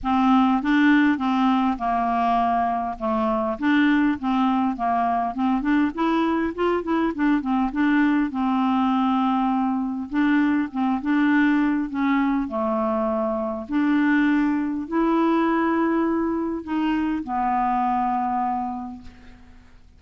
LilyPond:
\new Staff \with { instrumentName = "clarinet" } { \time 4/4 \tempo 4 = 101 c'4 d'4 c'4 ais4~ | ais4 a4 d'4 c'4 | ais4 c'8 d'8 e'4 f'8 e'8 | d'8 c'8 d'4 c'2~ |
c'4 d'4 c'8 d'4. | cis'4 a2 d'4~ | d'4 e'2. | dis'4 b2. | }